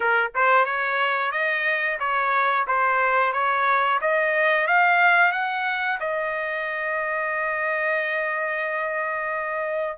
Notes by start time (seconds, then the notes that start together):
0.00 A#4
0.35 C5
0.65 C#5
1.31 D#5
1.99 C#5
2.67 C5
3.32 C#5
4.01 D#5
4.67 F5
5.32 F#5
6.00 D#5